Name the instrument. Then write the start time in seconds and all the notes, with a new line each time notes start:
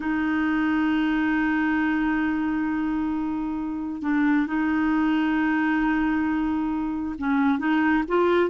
clarinet
0.00 D#4
4.01 D4
4.47 D#4
7.18 C#4
7.59 D#4
8.08 F4